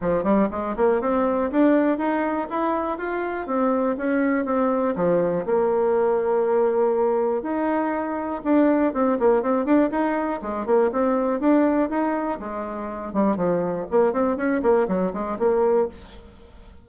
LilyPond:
\new Staff \with { instrumentName = "bassoon" } { \time 4/4 \tempo 4 = 121 f8 g8 gis8 ais8 c'4 d'4 | dis'4 e'4 f'4 c'4 | cis'4 c'4 f4 ais4~ | ais2. dis'4~ |
dis'4 d'4 c'8 ais8 c'8 d'8 | dis'4 gis8 ais8 c'4 d'4 | dis'4 gis4. g8 f4 | ais8 c'8 cis'8 ais8 fis8 gis8 ais4 | }